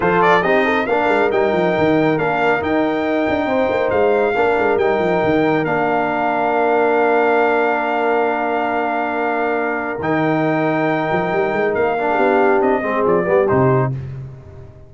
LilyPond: <<
  \new Staff \with { instrumentName = "trumpet" } { \time 4/4 \tempo 4 = 138 c''8 d''8 dis''4 f''4 g''4~ | g''4 f''4 g''2~ | g''4 f''2 g''4~ | g''4 f''2.~ |
f''1~ | f''2. g''4~ | g''2. f''4~ | f''4 dis''4 d''4 c''4 | }
  \new Staff \with { instrumentName = "horn" } { \time 4/4 a'4 g'8 a'8 ais'2~ | ais'1 | c''2 ais'2~ | ais'1~ |
ais'1~ | ais'1~ | ais'2.~ ais'8. gis'16 | g'4. gis'4 g'4. | }
  \new Staff \with { instrumentName = "trombone" } { \time 4/4 f'4 dis'4 d'4 dis'4~ | dis'4 d'4 dis'2~ | dis'2 d'4 dis'4~ | dis'4 d'2.~ |
d'1~ | d'2. dis'4~ | dis'2.~ dis'8 d'8~ | d'4. c'4 b8 dis'4 | }
  \new Staff \with { instrumentName = "tuba" } { \time 4/4 f4 c'4 ais8 gis8 g8 f8 | dis4 ais4 dis'4. d'8 | c'8 ais8 gis4 ais8 gis8 g8 f8 | dis4 ais2.~ |
ais1~ | ais2. dis4~ | dis4. f8 g8 gis8 ais4 | b4 c'8 gis8 f8 g8 c4 | }
>>